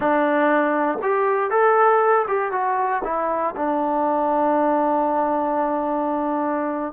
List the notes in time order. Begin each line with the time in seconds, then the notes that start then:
0.00 D4
1.02 G4
1.50 A4
2.27 G4
2.51 F#4
3.04 E4
3.55 D4